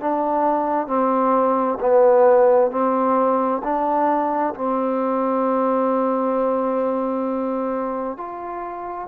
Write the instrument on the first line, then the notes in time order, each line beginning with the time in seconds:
trombone
0.00 D4
0.87 C4
1.80 B3
2.71 C4
3.63 D4
4.55 C4
8.17 F4